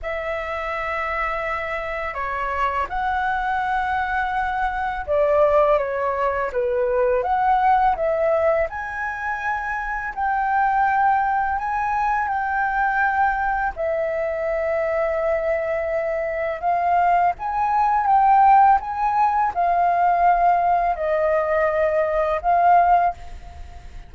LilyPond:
\new Staff \with { instrumentName = "flute" } { \time 4/4 \tempo 4 = 83 e''2. cis''4 | fis''2. d''4 | cis''4 b'4 fis''4 e''4 | gis''2 g''2 |
gis''4 g''2 e''4~ | e''2. f''4 | gis''4 g''4 gis''4 f''4~ | f''4 dis''2 f''4 | }